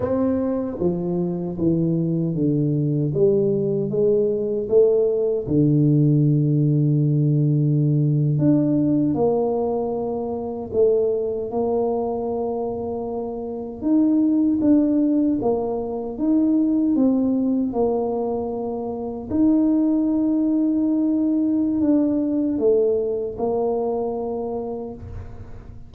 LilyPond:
\new Staff \with { instrumentName = "tuba" } { \time 4/4 \tempo 4 = 77 c'4 f4 e4 d4 | g4 gis4 a4 d4~ | d2~ d8. d'4 ais16~ | ais4.~ ais16 a4 ais4~ ais16~ |
ais4.~ ais16 dis'4 d'4 ais16~ | ais8. dis'4 c'4 ais4~ ais16~ | ais8. dis'2.~ dis'16 | d'4 a4 ais2 | }